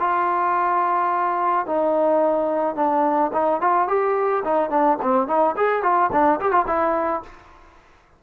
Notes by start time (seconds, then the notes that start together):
0.00 F4
1.67 D#4
2.76 D4
3.33 D#4
3.61 F4
3.88 G4
4.45 D#4
4.70 D4
5.02 C4
5.28 D#4
5.57 G#4
5.83 F4
6.12 D4
6.40 G4
6.52 F4
6.67 E4